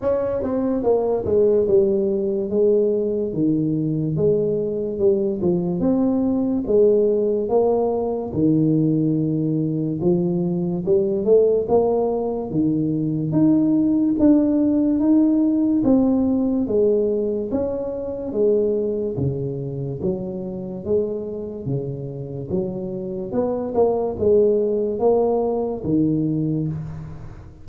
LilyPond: \new Staff \with { instrumentName = "tuba" } { \time 4/4 \tempo 4 = 72 cis'8 c'8 ais8 gis8 g4 gis4 | dis4 gis4 g8 f8 c'4 | gis4 ais4 dis2 | f4 g8 a8 ais4 dis4 |
dis'4 d'4 dis'4 c'4 | gis4 cis'4 gis4 cis4 | fis4 gis4 cis4 fis4 | b8 ais8 gis4 ais4 dis4 | }